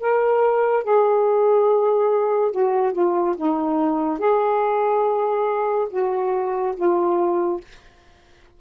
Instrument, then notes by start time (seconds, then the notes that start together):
saxophone
0.00 A#4
0.83 G#4
2.52 F#4
2.93 F4
3.36 D#4
4.19 G#4
5.90 F#4
6.76 F4